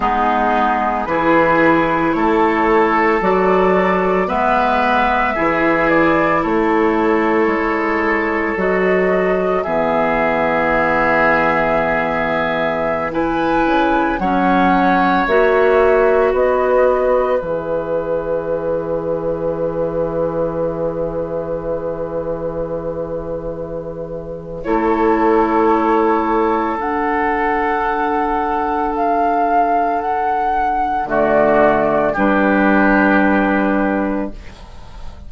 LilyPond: <<
  \new Staff \with { instrumentName = "flute" } { \time 4/4 \tempo 4 = 56 gis'4 b'4 cis''4 d''4 | e''4. d''8 cis''2 | dis''4 e''2.~ | e''16 gis''4 fis''4 e''4 dis''8.~ |
dis''16 e''2.~ e''8.~ | e''2. cis''4~ | cis''4 fis''2 f''4 | fis''4 d''4 b'2 | }
  \new Staff \with { instrumentName = "oboe" } { \time 4/4 dis'4 gis'4 a'2 | b'4 gis'4 a'2~ | a'4 gis'2.~ | gis'16 b'4 cis''2 b'8.~ |
b'1~ | b'2. a'4~ | a'1~ | a'4 fis'4 g'2 | }
  \new Staff \with { instrumentName = "clarinet" } { \time 4/4 b4 e'2 fis'4 | b4 e'2. | fis'4 b2.~ | b16 e'4 cis'4 fis'4.~ fis'16~ |
fis'16 gis'2.~ gis'8.~ | gis'2. e'4~ | e'4 d'2.~ | d'4 a4 d'2 | }
  \new Staff \with { instrumentName = "bassoon" } { \time 4/4 gis4 e4 a4 fis4 | gis4 e4 a4 gis4 | fis4 e2.~ | e8. cis8 fis4 ais4 b8.~ |
b16 e2.~ e8.~ | e2. a4~ | a4 d'2.~ | d'4 d4 g2 | }
>>